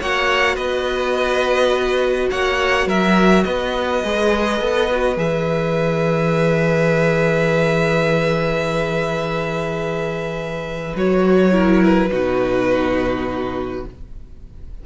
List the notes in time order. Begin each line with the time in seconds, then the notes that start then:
0.00 A#3 F#4 C#5 F#5
0.55 B3 B4 D#5
2.31 A#3 C#5 F#5
2.86 F#3 A#4 E5
3.44 B3 B4 D#5
4.03 G#3 G#4
4.60 B3 A4
4.91 F#4
5.16 E3 G#4 E5
10.96 F#3 F#4 C#5
11.52 E4 A#4
11.84 B4
12.11 B2 D#4 F#4